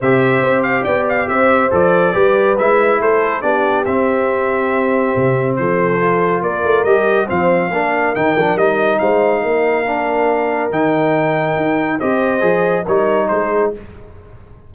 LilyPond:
<<
  \new Staff \with { instrumentName = "trumpet" } { \time 4/4 \tempo 4 = 140 e''4. f''8 g''8 f''8 e''4 | d''2 e''4 c''4 | d''4 e''2.~ | e''4 c''2 d''4 |
dis''4 f''2 g''4 | dis''4 f''2.~ | f''4 g''2. | dis''2 cis''4 c''4 | }
  \new Staff \with { instrumentName = "horn" } { \time 4/4 c''2 d''4 c''4~ | c''4 b'2 a'4 | g'1~ | g'4 a'2 ais'4~ |
ais'4 c''4 ais'2~ | ais'4 c''4 ais'2~ | ais'1 | c''2 ais'4 gis'4 | }
  \new Staff \with { instrumentName = "trombone" } { \time 4/4 g'1 | a'4 g'4 e'2 | d'4 c'2.~ | c'2 f'2 |
g'4 c'4 d'4 dis'8 d'8 | dis'2. d'4~ | d'4 dis'2. | g'4 gis'4 dis'2 | }
  \new Staff \with { instrumentName = "tuba" } { \time 4/4 c4 c'4 b4 c'4 | f4 g4 gis4 a4 | b4 c'2. | c4 f2 ais8 a8 |
g4 f4 ais4 dis8 f8 | g4 gis4 ais2~ | ais4 dis2 dis'4 | c'4 f4 g4 gis4 | }
>>